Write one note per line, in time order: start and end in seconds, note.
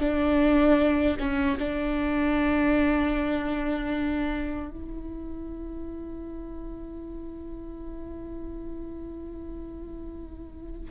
0.00 1.17 D4
1.19 1.58 C#4
1.59 4.70 D4
4.70 10.91 E4